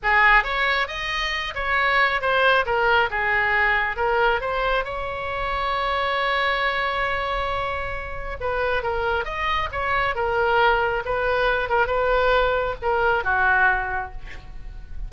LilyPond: \new Staff \with { instrumentName = "oboe" } { \time 4/4 \tempo 4 = 136 gis'4 cis''4 dis''4. cis''8~ | cis''4 c''4 ais'4 gis'4~ | gis'4 ais'4 c''4 cis''4~ | cis''1~ |
cis''2. b'4 | ais'4 dis''4 cis''4 ais'4~ | ais'4 b'4. ais'8 b'4~ | b'4 ais'4 fis'2 | }